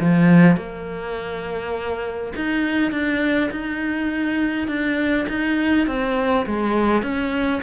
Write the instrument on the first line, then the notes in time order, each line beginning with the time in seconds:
cello
0.00 F3
0.56 A#3
2.35 D#4
2.91 D4
3.51 D#4
4.67 D4
5.28 D#4
5.87 C4
6.46 G#3
7.02 C#4